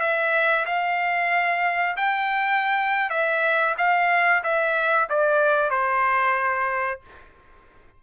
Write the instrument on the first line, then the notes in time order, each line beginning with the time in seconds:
trumpet
0.00 E5
0.66 F5
1.97 G5
3.10 E5
3.78 F5
4.43 E5
5.09 D5
5.70 C5